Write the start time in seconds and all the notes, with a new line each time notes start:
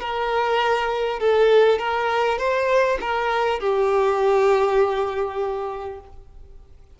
0.00 A#4
1.19 A4
1.78 A#4
2.38 C5
3.01 A#4
3.59 G4